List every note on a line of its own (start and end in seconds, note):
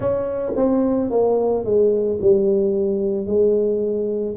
0.00 0.53 C#4
0.56 1.10 C4
1.10 1.64 A#3
1.64 2.19 G#3
2.21 3.26 G3
3.26 4.35 G#3